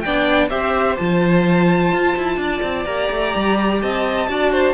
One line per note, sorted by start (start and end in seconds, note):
0.00 0.50 B3
0.00 0.49 D4
0.00 0.49 D5
0.00 0.47 G5
0.49 0.97 C4
0.49 0.97 G4
0.49 2.38 C5
0.49 0.96 E5
0.96 1.92 F3
0.96 2.86 F4
0.96 2.85 A5
1.92 2.15 F4
2.16 2.36 E4
2.36 2.60 D4
2.36 3.81 D5
2.62 2.85 C4
2.85 3.09 A#3
2.85 4.28 G4
2.85 3.80 A#5
3.10 3.33 A3
3.35 3.82 G3
3.81 4.28 C4
3.81 4.29 D#5
3.81 4.74 A5
4.28 4.74 D4
4.28 4.74 F#4
4.28 4.51 D5
4.51 4.74 C5